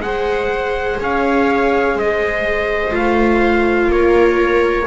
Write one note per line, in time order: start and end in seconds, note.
0.00 0.97 G#3
0.00 2.91 G#4
0.00 1.01 C5
0.00 0.99 F#5
1.01 1.95 C#4
1.01 1.96 C#5
1.01 1.99 F5
1.95 2.92 G#3
1.95 3.89 C5
1.95 2.96 D#5
2.91 3.87 A3
2.91 4.84 F4
2.91 3.92 F5
3.87 4.84 A#3
3.87 4.87 A#4
3.87 4.87 C#5